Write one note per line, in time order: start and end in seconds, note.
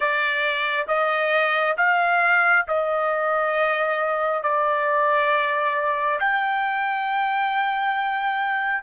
0.00 0.86 D5
0.87 1.75 D#5
1.77 2.65 F5
2.67 4.42 D#5
4.42 6.19 D5
6.20 8.82 G5